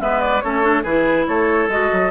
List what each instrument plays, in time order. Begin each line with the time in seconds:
0.00 bassoon G#3, clarinet B3, oboe B4, flute E5
0.21 flute D5
0.41 bassoon A3, clarinet C#4, oboe A4, flute C#5
0.63 clarinet D4
0.84 bassoon E3, clarinet E4, oboe G#4, flute B4
1.28 bassoon A3, oboe A4, flute C#5
1.69 bassoon G#3, clarinet F#4, flute D#5
1.93 bassoon F#3